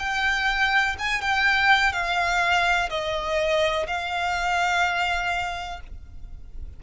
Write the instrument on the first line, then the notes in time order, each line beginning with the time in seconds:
violin
0.00 G5
0.99 G#5
1.22 G5
1.93 F5
2.90 D#5
3.87 F5